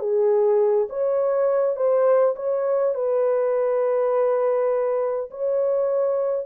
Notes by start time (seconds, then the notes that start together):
0.00 G#4
0.90 C#5
1.77 C5
2.36 C#5
2.95 B4
5.31 C#5